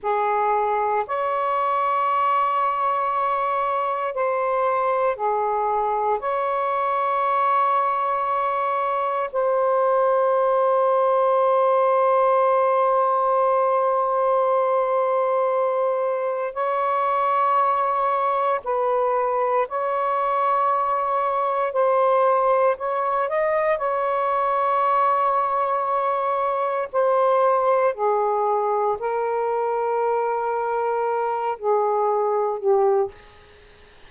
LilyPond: \new Staff \with { instrumentName = "saxophone" } { \time 4/4 \tempo 4 = 58 gis'4 cis''2. | c''4 gis'4 cis''2~ | cis''4 c''2.~ | c''1 |
cis''2 b'4 cis''4~ | cis''4 c''4 cis''8 dis''8 cis''4~ | cis''2 c''4 gis'4 | ais'2~ ais'8 gis'4 g'8 | }